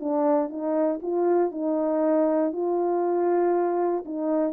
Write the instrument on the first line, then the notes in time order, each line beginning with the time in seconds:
horn
0.00 D4
0.50 D#4
1.02 F4
1.52 D#4
2.53 F4
4.06 D#4